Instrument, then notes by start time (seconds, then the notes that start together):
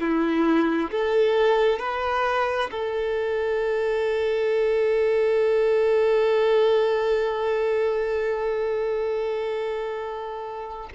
violin
0.00 E4
0.91 A4
1.79 B4
2.71 A4